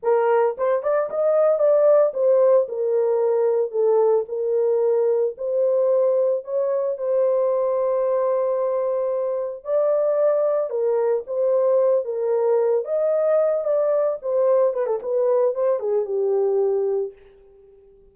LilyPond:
\new Staff \with { instrumentName = "horn" } { \time 4/4 \tempo 4 = 112 ais'4 c''8 d''8 dis''4 d''4 | c''4 ais'2 a'4 | ais'2 c''2 | cis''4 c''2.~ |
c''2 d''2 | ais'4 c''4. ais'4. | dis''4. d''4 c''4 b'16 a'16 | b'4 c''8 gis'8 g'2 | }